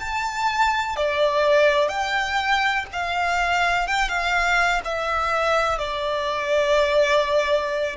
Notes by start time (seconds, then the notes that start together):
0.00 A5
0.96 D5
1.89 G5
2.93 F5
3.88 G5
4.09 F5
4.85 E5
5.78 D5